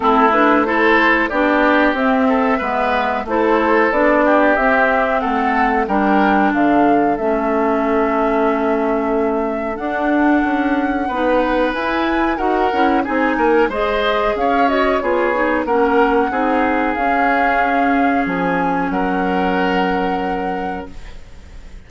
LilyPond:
<<
  \new Staff \with { instrumentName = "flute" } { \time 4/4 \tempo 4 = 92 a'8 b'8 c''4 d''4 e''4~ | e''4 c''4 d''4 e''4 | fis''4 g''4 f''4 e''4~ | e''2. fis''4~ |
fis''2 gis''4 fis''4 | gis''4 dis''4 f''8 dis''8 cis''4 | fis''2 f''2 | gis''4 fis''2. | }
  \new Staff \with { instrumentName = "oboe" } { \time 4/4 e'4 a'4 g'4. a'8 | b'4 a'4. g'4. | a'4 ais'4 a'2~ | a'1~ |
a'4 b'2 ais'4 | gis'8 ais'8 c''4 cis''4 gis'4 | ais'4 gis'2.~ | gis'4 ais'2. | }
  \new Staff \with { instrumentName = "clarinet" } { \time 4/4 c'8 d'8 e'4 d'4 c'4 | b4 e'4 d'4 c'4~ | c'4 d'2 cis'4~ | cis'2. d'4~ |
d'4 dis'4 e'4 fis'8 e'8 | dis'4 gis'4. fis'8 f'8 dis'8 | cis'4 dis'4 cis'2~ | cis'1 | }
  \new Staff \with { instrumentName = "bassoon" } { \time 4/4 a2 b4 c'4 | gis4 a4 b4 c'4 | a4 g4 d4 a4~ | a2. d'4 |
cis'4 b4 e'4 dis'8 cis'8 | c'8 ais8 gis4 cis'4 b4 | ais4 c'4 cis'2 | f4 fis2. | }
>>